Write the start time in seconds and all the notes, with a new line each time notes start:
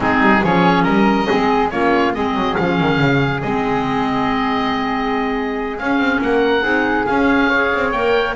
0.00 G#3 C4 D#4 G#4
0.20 G3
0.42 F3 C#4 G#4 C#5
0.83 G3 A#4 D#5
1.26 G#3 C4 G#4
1.70 A#3 C#4 F4 C#5
2.13 G#3 C4 G#4 D#5
2.34 F#3
2.55 F3 C#4 F5
2.80 D#3
2.99 C#3
3.42 G#3 C4 D#5
5.77 C#4 F5
5.98 C4
6.21 A#3 A#4 F#5
6.62 C4 D#4 G#4
7.06 C#4 F5
7.49 G#4 C#5
7.74 C4
7.91 A#3 A#4 G5